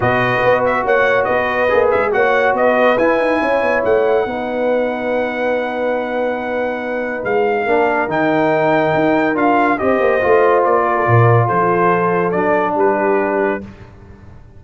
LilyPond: <<
  \new Staff \with { instrumentName = "trumpet" } { \time 4/4 \tempo 4 = 141 dis''4. e''8 fis''4 dis''4~ | dis''8 e''8 fis''4 dis''4 gis''4~ | gis''4 fis''2.~ | fis''1~ |
fis''4 f''2 g''4~ | g''2 f''4 dis''4~ | dis''4 d''2 c''4~ | c''4 d''4 b'2 | }
  \new Staff \with { instrumentName = "horn" } { \time 4/4 b'2 cis''4 b'4~ | b'4 cis''4 b'2 | cis''2 b'2~ | b'1~ |
b'2 ais'2~ | ais'2. c''4~ | c''4. ais'16 a'16 ais'4 a'4~ | a'2 g'2 | }
  \new Staff \with { instrumentName = "trombone" } { \time 4/4 fis'1 | gis'4 fis'2 e'4~ | e'2 dis'2~ | dis'1~ |
dis'2 d'4 dis'4~ | dis'2 f'4 g'4 | f'1~ | f'4 d'2. | }
  \new Staff \with { instrumentName = "tuba" } { \time 4/4 b,4 b4 ais4 b4 | ais8 gis8 ais4 b4 e'8 dis'8 | cis'8 b8 a4 b2~ | b1~ |
b4 gis4 ais4 dis4~ | dis4 dis'4 d'4 c'8 ais8 | a4 ais4 ais,4 f4~ | f4 fis4 g2 | }
>>